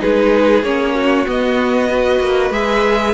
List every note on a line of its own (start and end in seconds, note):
0.00 0.63 G#3
0.00 0.63 D#4
0.00 0.95 G#4
0.00 0.64 B4
0.63 1.26 A#3
0.63 1.26 C#4
0.63 1.27 C#5
0.95 1.90 F#4
1.26 1.89 B3
1.26 2.21 B3
1.26 2.53 D#5
1.91 2.53 F#4
1.91 3.15 B4
2.21 2.51 A#3
2.51 3.14 G#3
2.51 3.15 G#4
2.51 3.15 E5